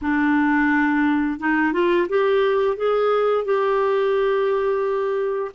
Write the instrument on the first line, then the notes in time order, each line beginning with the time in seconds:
clarinet
0.01 D4
1.39 D#4
1.72 F4
2.08 G4
2.76 G#4
3.45 G4